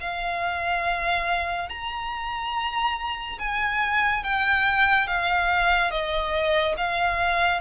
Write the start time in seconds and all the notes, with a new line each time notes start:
0.00 F5
1.69 A#5
3.38 G#5
4.23 G5
5.07 F5
5.90 D#5
6.77 F5